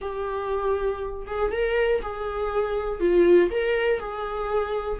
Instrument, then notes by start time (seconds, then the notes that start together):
viola
0.01 G4
1.26 G#4
1.51 A#4
2.02 G#4
3.00 F4
3.50 A#4
3.99 G#4